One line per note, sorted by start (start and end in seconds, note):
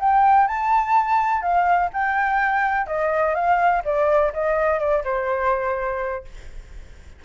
0.00 0.48 G5
0.48 1.42 A5
1.42 1.90 F5
1.93 2.87 G5
2.87 3.35 D#5
3.35 3.83 F5
3.85 4.33 D5
4.34 4.80 D#5
4.80 5.04 D5
5.05 6.25 C5